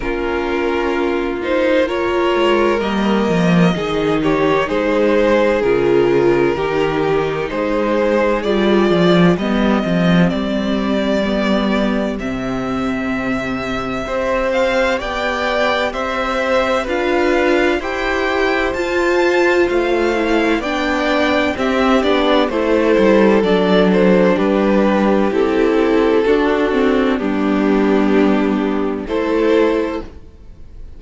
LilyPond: <<
  \new Staff \with { instrumentName = "violin" } { \time 4/4 \tempo 4 = 64 ais'4. c''8 cis''4 dis''4~ | dis''8 cis''8 c''4 ais'2 | c''4 d''4 dis''4 d''4~ | d''4 e''2~ e''8 f''8 |
g''4 e''4 f''4 g''4 | a''4 f''4 g''4 e''8 d''8 | c''4 d''8 c''8 b'4 a'4~ | a'4 g'2 c''4 | }
  \new Staff \with { instrumentName = "violin" } { \time 4/4 f'2 ais'2 | gis'8 g'8 gis'2 g'4 | gis'2 g'2~ | g'2. c''4 |
d''4 c''4 b'4 c''4~ | c''2 d''4 g'4 | a'2 g'2 | fis'4 d'2 a'4 | }
  \new Staff \with { instrumentName = "viola" } { \time 4/4 cis'4. dis'8 f'4 ais4 | dis'2 f'4 dis'4~ | dis'4 f'4 b8 c'4. | b4 c'2 g'4~ |
g'2 f'4 g'4 | f'4. e'8 d'4 c'8 d'8 | e'4 d'2 e'4 | d'8 c'8 b2 e'4 | }
  \new Staff \with { instrumentName = "cello" } { \time 4/4 ais2~ ais8 gis8 g8 f8 | dis4 gis4 cis4 dis4 | gis4 g8 f8 g8 f8 g4~ | g4 c2 c'4 |
b4 c'4 d'4 e'4 | f'4 a4 b4 c'8 b8 | a8 g8 fis4 g4 c'4 | d'4 g2 a4 | }
>>